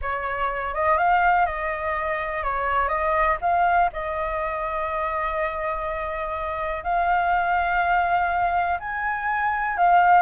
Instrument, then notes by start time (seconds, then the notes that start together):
flute
0.01 C#5
0.74 D#5
0.97 F5
1.46 D#5
2.43 C#5
2.88 D#5
3.41 F5
3.92 D#5
6.83 F5
8.79 G#5
9.77 F5